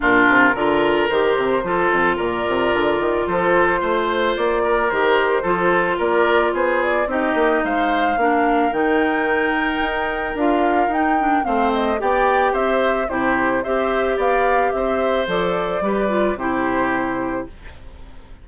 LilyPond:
<<
  \new Staff \with { instrumentName = "flute" } { \time 4/4 \tempo 4 = 110 ais'2 c''2 | d''2 c''2 | d''4 c''2 d''4 | c''8 d''8 dis''4 f''2 |
g''2. f''4 | g''4 f''8 dis''8 g''4 e''4 | c''4 e''4 f''4 e''4 | d''2 c''2 | }
  \new Staff \with { instrumentName = "oboe" } { \time 4/4 f'4 ais'2 a'4 | ais'2 a'4 c''4~ | c''8 ais'4. a'4 ais'4 | gis'4 g'4 c''4 ais'4~ |
ais'1~ | ais'4 c''4 d''4 c''4 | g'4 c''4 d''4 c''4~ | c''4 b'4 g'2 | }
  \new Staff \with { instrumentName = "clarinet" } { \time 4/4 d'4 f'4 g'4 f'4~ | f'1~ | f'4 g'4 f'2~ | f'4 dis'2 d'4 |
dis'2. f'4 | dis'8 d'8 c'4 g'2 | e'4 g'2. | a'4 g'8 f'8 e'2 | }
  \new Staff \with { instrumentName = "bassoon" } { \time 4/4 ais,8 c8 d4 dis8 c8 f8 f,8 | ais,8 c8 d8 dis8 f4 a4 | ais4 dis4 f4 ais4 | b4 c'8 ais8 gis4 ais4 |
dis2 dis'4 d'4 | dis'4 a4 b4 c'4 | c4 c'4 b4 c'4 | f4 g4 c2 | }
>>